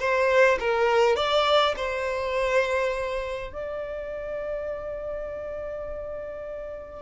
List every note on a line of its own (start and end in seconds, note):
0.00 0.59 C5
0.60 1.17 A#4
1.17 1.75 D5
1.77 3.53 C5
3.53 7.03 D5